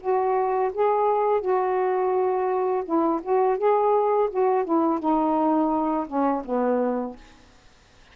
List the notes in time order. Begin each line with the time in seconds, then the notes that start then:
0.00 F#4
0.73 G#4
1.41 F#4
2.85 E4
3.22 F#4
3.58 G#4
4.30 F#4
4.64 E4
4.99 D#4
6.07 C#4
6.44 B3